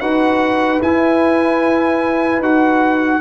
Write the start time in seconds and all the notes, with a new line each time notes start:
0.00 D#4 F#4 B4 F#5
0.82 E4 G#5
2.39 D#4 F#4 F#5